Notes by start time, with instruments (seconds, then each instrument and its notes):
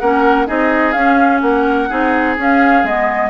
0.00 bassoon A#3, clarinet C#4, oboe A#4, flute F#5
0.47 bassoon C4, clarinet D#4, oboe G#4, flute D#5
0.93 bassoon C#4, clarinet C#4, flute F5
1.42 bassoon A#3, oboe A#4, flute F#5
1.89 bassoon C4, clarinet D#4, oboe G#4
2.38 bassoon C#4, clarinet C#4, flute F5
2.84 bassoon G#3, clarinet B3, flute D#5